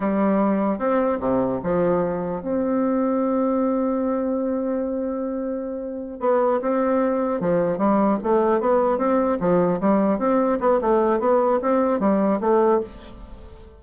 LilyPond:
\new Staff \with { instrumentName = "bassoon" } { \time 4/4 \tempo 4 = 150 g2 c'4 c4 | f2 c'2~ | c'1~ | c'2.~ c'8 b8~ |
b8 c'2 f4 g8~ | g8 a4 b4 c'4 f8~ | f8 g4 c'4 b8 a4 | b4 c'4 g4 a4 | }